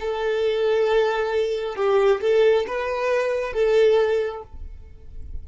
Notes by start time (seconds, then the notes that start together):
0.00 A4
1.76 G4
2.21 A4
2.67 B4
3.53 A4